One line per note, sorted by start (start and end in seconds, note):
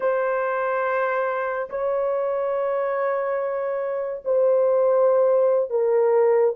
0.00 1.69 C5
1.69 4.23 C#5
4.24 5.70 C5
5.70 6.54 A#4